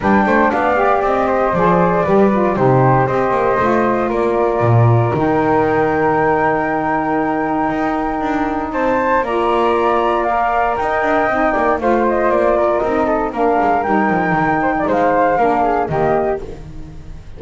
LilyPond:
<<
  \new Staff \with { instrumentName = "flute" } { \time 4/4 \tempo 4 = 117 g''4 f''4 dis''4 d''4~ | d''4 c''4 dis''2 | d''2 g''2~ | g''1~ |
g''4 a''4 ais''2 | f''4 g''2 f''8 dis''8 | d''4 dis''4 f''4 g''4~ | g''4 f''2 dis''4 | }
  \new Staff \with { instrumentName = "flute" } { \time 4/4 b'8 c''8 d''4. c''4. | b'4 g'4 c''2 | ais'1~ | ais'1~ |
ais'4 c''4 d''2~ | d''4 dis''4. d''8 c''4~ | c''8 ais'4 a'8 ais'2~ | ais'8 c''16 d''16 c''4 ais'8 gis'8 g'4 | }
  \new Staff \with { instrumentName = "saxophone" } { \time 4/4 d'4. g'4. gis'4 | g'8 f'8 dis'4 g'4 f'4~ | f'2 dis'2~ | dis'1~ |
dis'2 f'2 | ais'2 dis'4 f'4~ | f'4 dis'4 d'4 dis'4~ | dis'2 d'4 ais4 | }
  \new Staff \with { instrumentName = "double bass" } { \time 4/4 g8 a8 b4 c'4 f4 | g4 c4 c'8 ais8 a4 | ais4 ais,4 dis2~ | dis2. dis'4 |
d'4 c'4 ais2~ | ais4 dis'8 d'8 c'8 ais8 a4 | ais4 c'4 ais8 gis8 g8 f8 | dis4 gis4 ais4 dis4 | }
>>